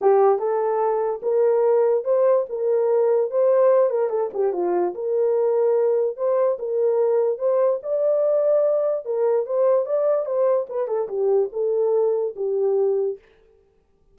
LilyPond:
\new Staff \with { instrumentName = "horn" } { \time 4/4 \tempo 4 = 146 g'4 a'2 ais'4~ | ais'4 c''4 ais'2 | c''4. ais'8 a'8 g'8 f'4 | ais'2. c''4 |
ais'2 c''4 d''4~ | d''2 ais'4 c''4 | d''4 c''4 b'8 a'8 g'4 | a'2 g'2 | }